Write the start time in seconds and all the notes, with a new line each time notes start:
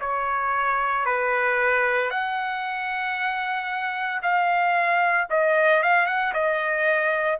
0.00 C#5
1.05 B4
2.10 F#5
4.22 F5
5.30 D#5
5.82 F5
6.06 F#5
6.33 D#5